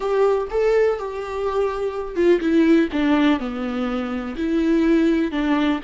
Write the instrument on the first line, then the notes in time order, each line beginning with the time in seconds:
viola
0.00 G4
0.50 A4
0.98 G4
2.15 F4
2.40 E4
2.92 D4
3.39 B3
4.37 E4
5.31 D4